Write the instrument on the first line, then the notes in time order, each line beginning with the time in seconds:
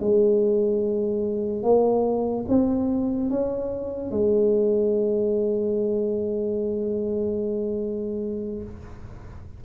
tuba
0.00 G#3
1.63 A#3
2.48 C4
3.30 C#4
4.11 G#3